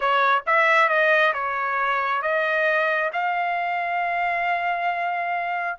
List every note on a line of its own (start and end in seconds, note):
0.00 0.42 C#5
0.46 0.88 E5
0.88 1.33 D#5
1.33 2.22 C#5
2.22 3.11 D#5
3.13 5.78 F5